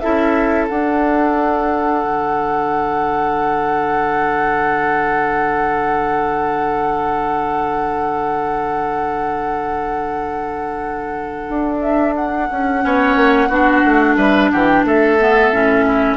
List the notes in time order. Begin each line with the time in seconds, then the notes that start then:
0.00 E4 A4 E5
0.06 C#4
0.69 D4 F#5
2.05 D3
11.49 D4
11.81 E5
12.16 F#5
12.51 C#4
12.82 B3 C#4 C#5
13.16 A#3
13.49 B3 D4 F#4
13.85 A3
14.17 G3 B4 E5
14.52 E3 G4 F#5
14.67 G5
14.84 A3 A4 E5
15.20 B3
15.52 A2 C#4
15.87 E4